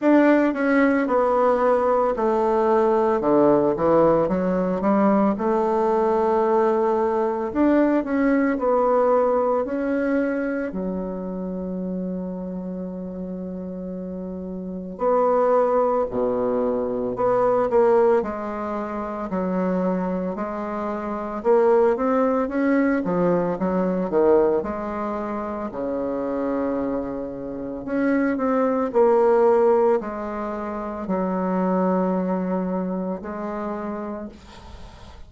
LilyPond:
\new Staff \with { instrumentName = "bassoon" } { \time 4/4 \tempo 4 = 56 d'8 cis'8 b4 a4 d8 e8 | fis8 g8 a2 d'8 cis'8 | b4 cis'4 fis2~ | fis2 b4 b,4 |
b8 ais8 gis4 fis4 gis4 | ais8 c'8 cis'8 f8 fis8 dis8 gis4 | cis2 cis'8 c'8 ais4 | gis4 fis2 gis4 | }